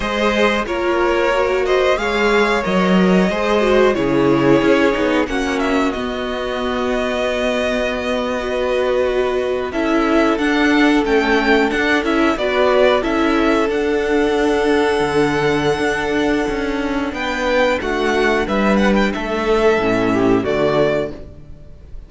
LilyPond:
<<
  \new Staff \with { instrumentName = "violin" } { \time 4/4 \tempo 4 = 91 dis''4 cis''4. dis''8 f''4 | dis''2 cis''2 | fis''8 e''8 dis''2.~ | dis''2~ dis''8. e''4 fis''16~ |
fis''8. g''4 fis''8 e''8 d''4 e''16~ | e''8. fis''2.~ fis''16~ | fis''2 g''4 fis''4 | e''8 fis''16 g''16 e''2 d''4 | }
  \new Staff \with { instrumentName = "violin" } { \time 4/4 c''4 ais'4. c''8 cis''4~ | cis''4 c''4 gis'2 | fis'1~ | fis'8. b'2 a'4~ a'16~ |
a'2~ a'8. b'4 a'16~ | a'1~ | a'2 b'4 fis'4 | b'4 a'4. g'8 fis'4 | }
  \new Staff \with { instrumentName = "viola" } { \time 4/4 gis'4 f'4 fis'4 gis'4 | ais'4 gis'8 fis'8 e'4. dis'8 | cis'4 b2.~ | b8. fis'2 e'4 d'16~ |
d'8. cis'4 d'8 e'8 fis'4 e'16~ | e'8. d'2.~ d'16~ | d'1~ | d'2 cis'4 a4 | }
  \new Staff \with { instrumentName = "cello" } { \time 4/4 gis4 ais2 gis4 | fis4 gis4 cis4 cis'8 b8 | ais4 b2.~ | b2~ b8. cis'4 d'16~ |
d'8. a4 d'8 cis'8 b4 cis'16~ | cis'8. d'2 d4~ d16 | d'4 cis'4 b4 a4 | g4 a4 a,4 d4 | }
>>